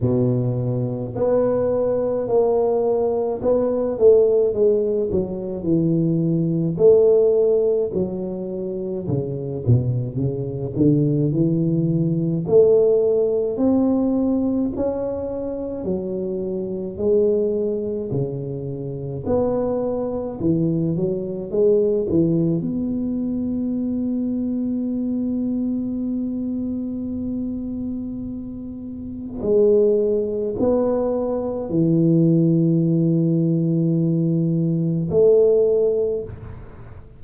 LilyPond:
\new Staff \with { instrumentName = "tuba" } { \time 4/4 \tempo 4 = 53 b,4 b4 ais4 b8 a8 | gis8 fis8 e4 a4 fis4 | cis8 b,8 cis8 d8 e4 a4 | c'4 cis'4 fis4 gis4 |
cis4 b4 e8 fis8 gis8 e8 | b1~ | b2 gis4 b4 | e2. a4 | }